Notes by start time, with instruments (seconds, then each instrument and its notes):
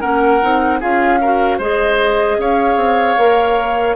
0.00 bassoon A#3, clarinet C#4, oboe A#4, flute F#5
0.41 bassoon C4, clarinet D#4
0.80 bassoon C#4, clarinet F4, oboe G#4, flute F5
1.21 clarinet F#4, oboe A#4
1.58 bassoon G#3, clarinet G#4, oboe C5, flute D#5
2.38 bassoon C#4, oboe C#5, flute F5
2.76 bassoon C4
3.17 bassoon A#3, clarinet A#4